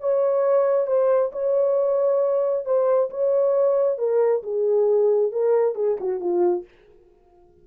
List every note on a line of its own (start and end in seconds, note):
0.00 0.87 C#5
0.87 1.31 C5
1.32 2.65 C#5
2.65 3.10 C5
3.10 3.98 C#5
3.98 4.42 A#4
4.43 5.32 G#4
5.32 5.75 A#4
5.75 5.97 G#4
6.00 6.20 F#4
6.20 6.64 F4